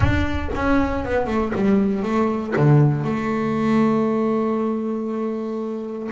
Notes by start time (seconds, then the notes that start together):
0.00 D4
0.55 C#4
1.04 B3
1.27 A3
1.54 G3
2.02 A3
2.56 D3
3.04 A3